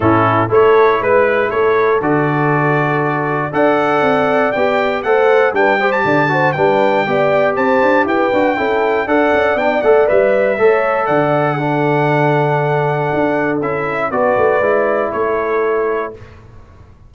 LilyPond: <<
  \new Staff \with { instrumentName = "trumpet" } { \time 4/4 \tempo 4 = 119 a'4 cis''4 b'4 cis''4 | d''2. fis''4~ | fis''4 g''4 fis''4 g''8. a''16~ | a''4 g''2 a''4 |
g''2 fis''4 g''8 fis''8 | e''2 fis''2~ | fis''2. e''4 | d''2 cis''2 | }
  \new Staff \with { instrumentName = "horn" } { \time 4/4 e'4 a'4 b'4 a'4~ | a'2. d''4~ | d''2 c''4 b'8 c''8 | d''8 c''8 b'4 d''4 c''4 |
b'4 a'4 d''2~ | d''4 cis''4 d''4 a'4~ | a'1 | b'2 a'2 | }
  \new Staff \with { instrumentName = "trombone" } { \time 4/4 cis'4 e'2. | fis'2. a'4~ | a'4 g'4 a'4 d'8 g'8~ | g'8 fis'8 d'4 g'2~ |
g'8 fis'8 e'4 a'4 d'8 a'8 | b'4 a'2 d'4~ | d'2. e'4 | fis'4 e'2. | }
  \new Staff \with { instrumentName = "tuba" } { \time 4/4 a,4 a4 gis4 a4 | d2. d'4 | c'4 b4 a4 g4 | d4 g4 b4 c'8 d'8 |
e'8 d'8 cis'4 d'8 cis'8 b8 a8 | g4 a4 d2~ | d2 d'4 cis'4 | b8 a8 gis4 a2 | }
>>